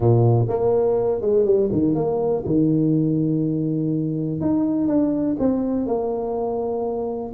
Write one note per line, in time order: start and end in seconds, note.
0.00 0.46 A#2
0.48 1.21 A#3
1.21 1.45 G#3
1.45 1.69 G3
1.72 1.94 D#3
1.94 2.43 A#3
2.45 4.40 D#3
4.40 4.87 D#4
4.87 5.36 D4
5.39 5.86 C4
5.86 7.32 A#3